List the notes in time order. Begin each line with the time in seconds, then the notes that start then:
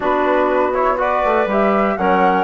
0.00 B3 D4 F#4 B4
0.73 E4 C#5
0.97 F#4 B4 D5
1.24 A3
1.45 G3 G4 E5
1.97 F#3 C#4 A#4 F#5